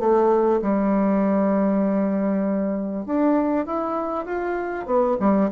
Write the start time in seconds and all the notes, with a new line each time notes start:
0.00 A3
0.62 G3
3.06 D4
3.66 E4
4.26 F4
4.86 B3
5.20 G3